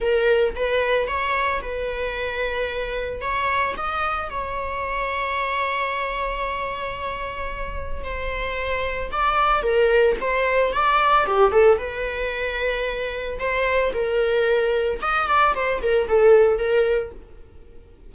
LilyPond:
\new Staff \with { instrumentName = "viola" } { \time 4/4 \tempo 4 = 112 ais'4 b'4 cis''4 b'4~ | b'2 cis''4 dis''4 | cis''1~ | cis''2. c''4~ |
c''4 d''4 ais'4 c''4 | d''4 g'8 a'8 b'2~ | b'4 c''4 ais'2 | dis''8 d''8 c''8 ais'8 a'4 ais'4 | }